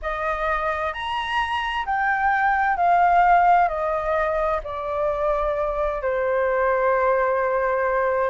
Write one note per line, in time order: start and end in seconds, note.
0.02 0.93 D#5
0.93 1.85 A#5
1.85 2.77 G5
2.77 3.68 F5
3.68 4.60 D#5
4.63 6.02 D5
6.02 8.30 C5